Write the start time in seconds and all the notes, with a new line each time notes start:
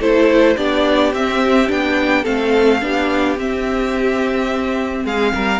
0.00 A3 E4 A4 C5
0.57 B3 D4 G4 D5
1.12 C4 E5
1.68 B3 D4 G5
2.23 A3 C4 A4 F5
2.81 B3 D4 G4
3.37 C4 E5
5.04 G#3 G#4 F5
5.34 G3 A#4